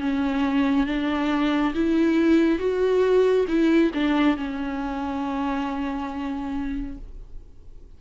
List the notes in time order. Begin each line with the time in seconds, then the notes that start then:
0.00 C#4
0.87 D4
1.75 E4
2.59 F#4
3.48 E4
3.94 D4
4.37 C#4